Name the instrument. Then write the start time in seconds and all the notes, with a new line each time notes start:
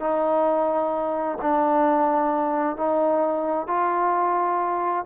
trombone
0.00 D#4
1.42 D4
2.77 D#4
3.68 F4